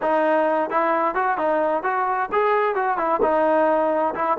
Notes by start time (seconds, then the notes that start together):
0.01 D#4
0.70 E4
1.15 F#4
1.37 D#4
1.83 F#4
2.31 G#4
2.75 F#4
2.97 E4
3.22 D#4
4.14 E4